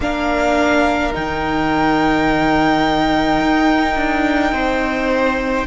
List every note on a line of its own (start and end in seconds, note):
0.00 1.10 A#3
0.00 1.13 D4
0.00 4.53 A#4
0.00 1.13 F5
1.13 3.40 D#3
1.13 5.66 D#4
1.13 5.66 G5
3.40 3.95 D#4
3.95 4.52 D4
4.52 5.65 C4
4.52 5.66 C5